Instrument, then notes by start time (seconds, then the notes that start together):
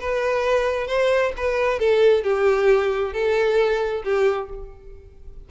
violin
0.00 B4
0.87 C5
1.37 B4
1.79 A4
2.24 G4
3.13 A4
4.04 G4